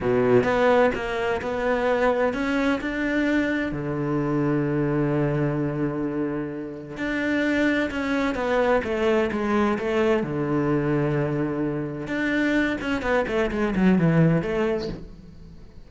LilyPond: \new Staff \with { instrumentName = "cello" } { \time 4/4 \tempo 4 = 129 b,4 b4 ais4 b4~ | b4 cis'4 d'2 | d1~ | d2. d'4~ |
d'4 cis'4 b4 a4 | gis4 a4 d2~ | d2 d'4. cis'8 | b8 a8 gis8 fis8 e4 a4 | }